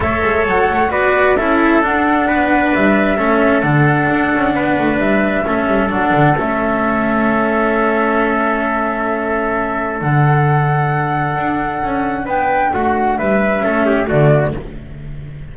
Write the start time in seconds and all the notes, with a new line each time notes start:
0.00 A3 A4 C#5 E5
0.23 G#3
0.46 F#3 F#5
0.69 A3
0.90 B3 F#4 B4 D5
1.36 C#4 E4 A4 E5
1.82 D4 F#5
2.27 B3 B4
2.74 G3 E5
3.16 A3 C#4 A4
3.61 D3 D4 F#5
4.10 D4
4.34 C#4
4.54 B3 B4
4.78 A3
4.98 G3 E5
5.45 A3 C#4 A4
5.66 G3
5.89 F#3 D4 F#5
6.13 D3
6.37 A3 C#4 E5
9.98 D3 D4 F#5
11.36 D4
11.82 C#4
12.25 B3 B4 G5
12.73 A3 F#4 F#5
13.17 G3 B4 E5
13.60 A3 C#4 A4
13.86 G4
14.07 D3 A3 F#4 D5